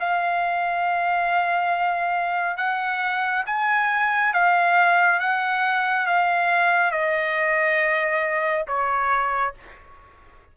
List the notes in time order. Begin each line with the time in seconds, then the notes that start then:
0.00 F5
2.57 F#5
3.47 G#5
4.34 F5
5.20 F#5
6.07 F5
6.92 D#5
8.67 C#5